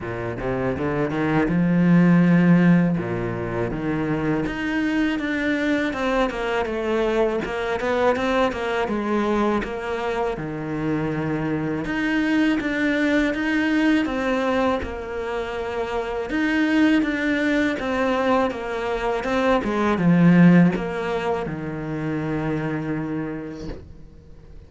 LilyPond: \new Staff \with { instrumentName = "cello" } { \time 4/4 \tempo 4 = 81 ais,8 c8 d8 dis8 f2 | ais,4 dis4 dis'4 d'4 | c'8 ais8 a4 ais8 b8 c'8 ais8 | gis4 ais4 dis2 |
dis'4 d'4 dis'4 c'4 | ais2 dis'4 d'4 | c'4 ais4 c'8 gis8 f4 | ais4 dis2. | }